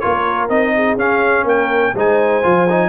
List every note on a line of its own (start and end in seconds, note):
0.00 0.50 A#3
0.00 0.50 F4
0.00 0.74 A#4
0.00 0.48 C#5
0.49 0.96 C4
0.49 0.98 D#4
0.49 0.98 D#5
0.76 1.46 G#4
0.96 1.44 C#4
0.96 1.95 C#4
0.96 1.48 F5
1.44 1.93 A#3
1.44 1.94 A#4
1.44 1.97 G5
1.95 2.43 G#3
1.95 2.44 D#4
1.95 2.89 C5
1.95 2.89 G#5
2.44 2.89 F3
2.44 2.68 F4
2.70 2.89 D#4